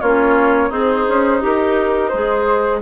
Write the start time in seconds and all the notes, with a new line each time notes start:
0.00 A#3 C#4 F4 C#5
0.69 C4 D#4 G#4 C5
1.08 C#4
1.40 D#4 G4 A#4
2.09 G#3 G#4 C5